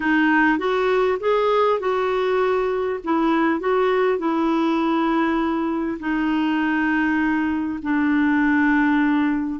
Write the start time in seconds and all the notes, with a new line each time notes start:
0.00 D#4
0.58 F#4
1.20 G#4
1.79 F#4
3.04 E4
3.59 F#4
4.18 E4
5.99 D#4
7.82 D4